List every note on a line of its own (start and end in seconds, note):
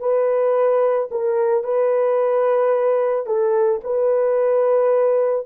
0.00 1.09 B4
1.11 1.64 A#4
1.64 3.27 B4
3.27 3.81 A4
3.84 5.46 B4